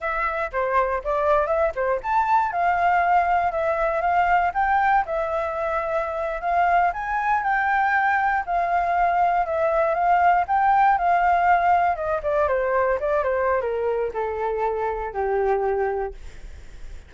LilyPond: \new Staff \with { instrumentName = "flute" } { \time 4/4 \tempo 4 = 119 e''4 c''4 d''4 e''8 c''8 | a''4 f''2 e''4 | f''4 g''4 e''2~ | e''8. f''4 gis''4 g''4~ g''16~ |
g''8. f''2 e''4 f''16~ | f''8. g''4 f''2 dis''16~ | dis''16 d''8 c''4 d''8 c''8. ais'4 | a'2 g'2 | }